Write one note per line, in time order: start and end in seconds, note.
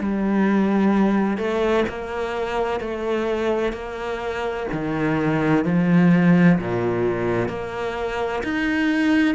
0.00 1.38 G3
1.38 1.85 A3
1.89 2.80 A#3
2.80 3.73 A3
3.73 4.67 A#3
4.73 5.65 D#3
5.65 6.59 F3
6.59 7.49 A#2
7.49 8.43 A#3
8.44 9.35 D#4